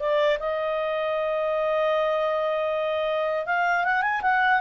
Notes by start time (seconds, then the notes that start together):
0.00 D5
0.40 D#5
3.46 F5
3.85 F#5
4.02 G#5
4.22 F#5